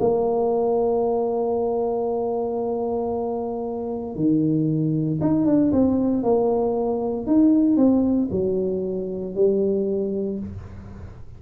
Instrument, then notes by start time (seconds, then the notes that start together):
tuba
0.00 A#3
4.15 D#3
5.21 D#4
5.46 D4
5.72 C4
6.23 A#3
7.26 D#4
7.76 C4
8.31 F#3
9.35 G3